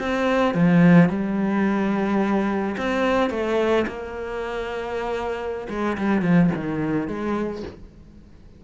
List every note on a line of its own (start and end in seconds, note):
0.00 0.55 C4
0.55 1.10 F3
1.10 2.76 G3
2.78 3.30 C4
3.30 3.86 A3
3.87 5.68 A#3
5.69 5.97 G#3
5.98 6.22 G3
6.22 6.50 F3
6.56 7.08 D#3
7.08 7.63 G#3